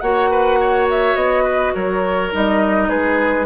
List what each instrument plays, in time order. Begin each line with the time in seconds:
0.00 bassoon A#3, clarinet F#4, oboe C#5, flute F#5
0.30 oboe B4
0.60 oboe C#5
0.90 flute E5
1.15 bassoon B3, flute D#5
1.44 oboe B4
1.74 bassoon F#3, oboe A#4, flute C#5
2.31 bassoon G3, clarinet D#4, flute D#5
2.88 bassoon G#3, oboe G#4, flute B4